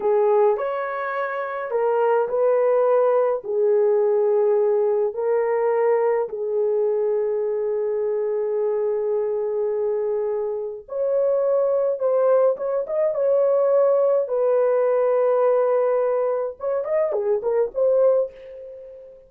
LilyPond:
\new Staff \with { instrumentName = "horn" } { \time 4/4 \tempo 4 = 105 gis'4 cis''2 ais'4 | b'2 gis'2~ | gis'4 ais'2 gis'4~ | gis'1~ |
gis'2. cis''4~ | cis''4 c''4 cis''8 dis''8 cis''4~ | cis''4 b'2.~ | b'4 cis''8 dis''8 gis'8 ais'8 c''4 | }